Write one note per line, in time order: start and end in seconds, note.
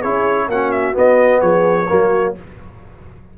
0.00 0.48 C#4
0.00 0.51 E4
0.00 0.47 G#4
0.00 0.49 C#5
0.48 0.95 A#3
0.48 0.94 C#4
0.48 1.42 F#4
0.48 0.72 F#5
0.72 0.95 E5
0.94 1.87 B3
0.94 1.42 B3
0.94 1.41 D#5
1.41 1.89 F3
1.41 1.88 G#4
1.41 2.34 C#5
1.89 2.38 F#3
1.89 2.35 A#3
1.89 2.36 F#4